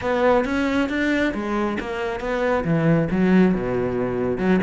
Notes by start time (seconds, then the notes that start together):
0.01 B3
0.45 C#4
0.89 D4
1.34 G#3
1.79 A#3
2.20 B3
2.64 E3
3.11 F#3
3.54 B2
4.38 F#3